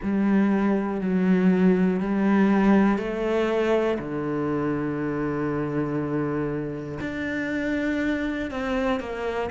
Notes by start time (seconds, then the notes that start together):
0.02 G3
1.00 F#3
2.00 G3
2.97 A3
3.98 D3
7.00 D4
8.50 C4
9.00 A#3